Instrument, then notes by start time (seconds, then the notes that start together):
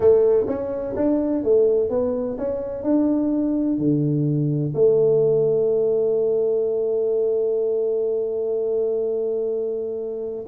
tuba
0.00 A3
0.47 C#4
0.95 D4
1.43 A3
1.89 B3
2.37 C#4
2.83 D4
3.78 D3
4.74 A3